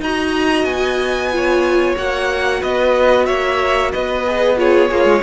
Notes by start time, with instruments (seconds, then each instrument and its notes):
0.00 cello D#4, viola F#4, violin D#5 A#5
0.64 cello B3, violin G#5
1.32 viola F4, violin C#5
1.96 cello A#3, viola F#4, violin F#5
2.60 cello B3, violin B4 D#5
3.26 cello A#3, violin C#5 E5
3.92 cello B3, violin B4 D#5
4.26 viola G#4
4.57 viola F4, violin G#4 C#5
4.88 cello A#3, violin F4, viola G#4
5.04 cello G#3